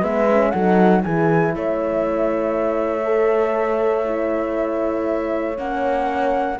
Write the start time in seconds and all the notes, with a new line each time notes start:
0.00 G#3 B3 B4 E5
0.29 C#4
0.50 F#3 D#4 A4 F#5
1.03 E3 E4 G#4 G#5
1.54 A3 C#5 E5
3.03 A4
4.05 E4
5.57 A#3 C#4 F#5